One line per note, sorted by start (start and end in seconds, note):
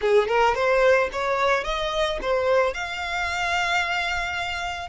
0.01 0.28 G#4
0.28 0.54 A#4
0.54 1.09 C5
1.12 1.64 C#5
1.64 2.18 D#5
2.21 2.74 C5
2.74 4.88 F5